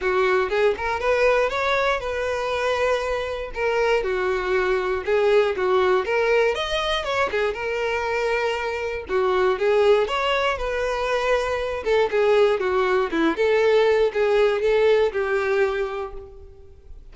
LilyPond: \new Staff \with { instrumentName = "violin" } { \time 4/4 \tempo 4 = 119 fis'4 gis'8 ais'8 b'4 cis''4 | b'2. ais'4 | fis'2 gis'4 fis'4 | ais'4 dis''4 cis''8 gis'8 ais'4~ |
ais'2 fis'4 gis'4 | cis''4 b'2~ b'8 a'8 | gis'4 fis'4 e'8 a'4. | gis'4 a'4 g'2 | }